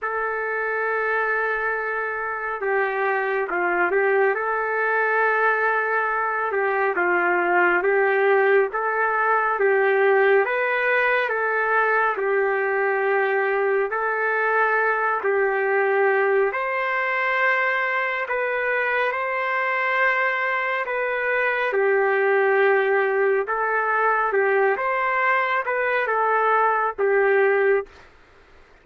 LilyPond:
\new Staff \with { instrumentName = "trumpet" } { \time 4/4 \tempo 4 = 69 a'2. g'4 | f'8 g'8 a'2~ a'8 g'8 | f'4 g'4 a'4 g'4 | b'4 a'4 g'2 |
a'4. g'4. c''4~ | c''4 b'4 c''2 | b'4 g'2 a'4 | g'8 c''4 b'8 a'4 g'4 | }